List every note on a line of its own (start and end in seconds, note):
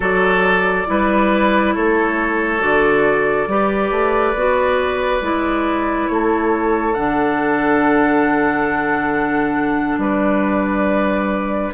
0.00 0.85 F#3
0.00 0.86 F#4
0.00 0.87 A4
0.00 1.74 D5
0.86 1.76 G3
0.86 2.59 E4
0.86 1.74 B4
1.74 2.61 A3
1.74 3.48 A4
1.74 2.61 C#5
2.59 3.47 D3
2.59 3.46 F#4
2.59 6.07 D5
3.47 3.90 G3
3.47 4.36 G4
3.47 6.11 B4
3.90 4.34 A3
4.34 5.21 B3
4.34 5.21 F#4
5.21 6.08 G#3
5.21 6.95 E4
6.07 6.96 A3
6.07 10.00 A4
6.07 6.93 C#5
6.93 9.97 D3
6.93 11.73 D4
6.93 9.98 F#5
9.97 11.71 G3
9.97 11.73 B4
9.97 11.72 D5